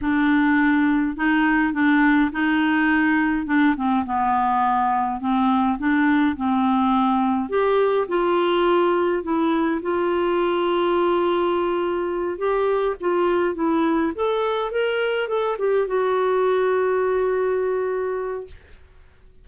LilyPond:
\new Staff \with { instrumentName = "clarinet" } { \time 4/4 \tempo 4 = 104 d'2 dis'4 d'4 | dis'2 d'8 c'8 b4~ | b4 c'4 d'4 c'4~ | c'4 g'4 f'2 |
e'4 f'2.~ | f'4. g'4 f'4 e'8~ | e'8 a'4 ais'4 a'8 g'8 fis'8~ | fis'1 | }